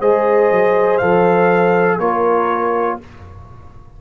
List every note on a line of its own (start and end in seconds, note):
0.00 0.51 G#3
0.00 1.01 G#4
0.00 1.99 C5
0.00 0.98 D#5
0.51 1.01 F#3
0.98 1.98 F3
0.98 2.01 A4
0.98 1.98 F5
1.98 2.98 A#3
1.98 3.01 F4
1.98 2.99 A#4
1.98 2.99 C#5